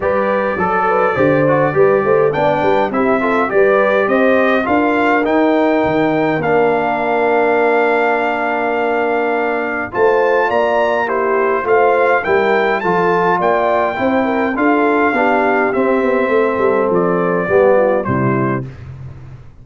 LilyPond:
<<
  \new Staff \with { instrumentName = "trumpet" } { \time 4/4 \tempo 4 = 103 d''1 | g''4 e''4 d''4 dis''4 | f''4 g''2 f''4~ | f''1~ |
f''4 a''4 ais''4 c''4 | f''4 g''4 a''4 g''4~ | g''4 f''2 e''4~ | e''4 d''2 c''4 | }
  \new Staff \with { instrumentName = "horn" } { \time 4/4 b'4 a'8 b'8 c''4 b'8 c''8 | d''8 b'8 g'8 a'8 b'4 c''4 | ais'1~ | ais'1~ |
ais'4 c''4 d''4 g'4 | c''4 ais'4 a'4 d''4 | c''8 ais'8 a'4 g'2 | a'2 g'8 f'8 e'4 | }
  \new Staff \with { instrumentName = "trombone" } { \time 4/4 g'4 a'4 g'8 fis'8 g'4 | d'4 e'8 f'8 g'2 | f'4 dis'2 d'4~ | d'1~ |
d'4 f'2 e'4 | f'4 e'4 f'2 | e'4 f'4 d'4 c'4~ | c'2 b4 g4 | }
  \new Staff \with { instrumentName = "tuba" } { \time 4/4 g4 fis4 d4 g8 a8 | b8 g8 c'4 g4 c'4 | d'4 dis'4 dis4 ais4~ | ais1~ |
ais4 a4 ais2 | a4 g4 f4 ais4 | c'4 d'4 b4 c'8 b8 | a8 g8 f4 g4 c4 | }
>>